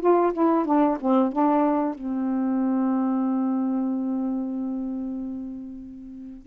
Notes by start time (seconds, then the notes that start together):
0.00 F4
0.33 E4
0.65 D4
1.00 C4
1.32 D4
1.94 C4